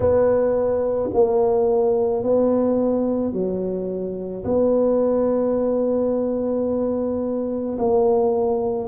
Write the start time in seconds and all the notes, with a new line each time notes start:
0.00 B3
1.13 A#3
2.23 B3
3.32 F#3
4.44 B3
7.78 A#3